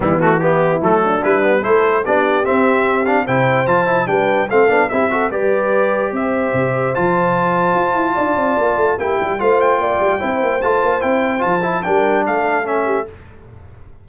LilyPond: <<
  \new Staff \with { instrumentName = "trumpet" } { \time 4/4 \tempo 4 = 147 e'8 fis'8 g'4 a'4 b'4 | c''4 d''4 e''4. f''8 | g''4 a''4 g''4 f''4 | e''4 d''2 e''4~ |
e''4 a''2.~ | a''2 g''4 f''8 g''8~ | g''2 a''4 g''4 | a''4 g''4 f''4 e''4 | }
  \new Staff \with { instrumentName = "horn" } { \time 4/4 b4 e'4. d'4. | a'4 g'2. | c''2 b'4 a'4 | g'8 a'8 b'2 c''4~ |
c''1 | d''2 g'4 c''4 | d''4 c''2.~ | c''4 ais'4 a'4. g'8 | }
  \new Staff \with { instrumentName = "trombone" } { \time 4/4 g8 a8 b4 a4 e'8 b8 | e'4 d'4 c'4. d'8 | e'4 f'8 e'8 d'4 c'8 d'8 | e'8 fis'8 g'2.~ |
g'4 f'2.~ | f'2 e'4 f'4~ | f'4 e'4 f'4 e'4 | f'8 e'8 d'2 cis'4 | }
  \new Staff \with { instrumentName = "tuba" } { \time 4/4 e2 fis4 g4 | a4 b4 c'2 | c4 f4 g4 a8 b8 | c'4 g2 c'4 |
c4 f2 f'8 e'8 | d'8 c'8 ais8 a8 ais8 g8 a4 | ais8 g8 c'8 ais8 a8 ais8 c'4 | f4 g4 a2 | }
>>